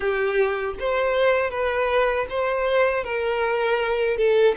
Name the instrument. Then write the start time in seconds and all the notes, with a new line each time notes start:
violin
0.00 G4
0.79 C5
1.50 B4
2.29 C5
3.04 A#4
4.17 A4